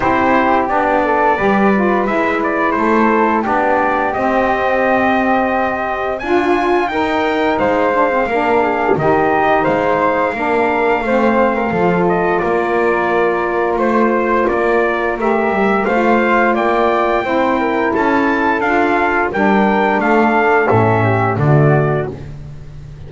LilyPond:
<<
  \new Staff \with { instrumentName = "trumpet" } { \time 4/4 \tempo 4 = 87 c''4 d''2 e''8 d''8 | c''4 d''4 dis''2~ | dis''4 gis''4 g''4 f''4~ | f''4 dis''4 f''2~ |
f''4. dis''8 d''2 | c''4 d''4 e''4 f''4 | g''2 a''4 f''4 | g''4 f''4 e''4 d''4 | }
  \new Staff \with { instrumentName = "flute" } { \time 4/4 g'4. a'8 b'2 | a'4 g'2.~ | g'4 f'4 ais'4 c''4 | ais'8 gis'8 g'4 c''4 ais'4 |
c''8. ais'16 a'4 ais'2 | c''4 ais'2 c''4 | d''4 c''8 ais'8 a'2 | ais'4 a'4. g'8 fis'4 | }
  \new Staff \with { instrumentName = "saxophone" } { \time 4/4 e'4 d'4 g'8 f'8 e'4~ | e'4 d'4 c'2~ | c'4 f'4 dis'4. d'16 c'16 | d'4 dis'2 d'4 |
c'4 f'2.~ | f'2 g'4 f'4~ | f'4 e'2 f'4 | d'2 cis'4 a4 | }
  \new Staff \with { instrumentName = "double bass" } { \time 4/4 c'4 b4 g4 gis4 | a4 b4 c'2~ | c'4 d'4 dis'4 gis4 | ais4 dis4 gis4 ais4 |
a4 f4 ais2 | a4 ais4 a8 g8 a4 | ais4 c'4 cis'4 d'4 | g4 a4 a,4 d4 | }
>>